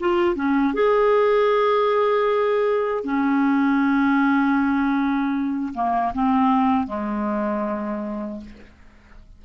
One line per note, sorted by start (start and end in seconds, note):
0.00 0.35 F4
0.35 0.74 C#4
0.74 3.04 G#4
3.04 5.73 C#4
5.74 6.13 A#3
6.14 6.87 C4
6.87 8.41 G#3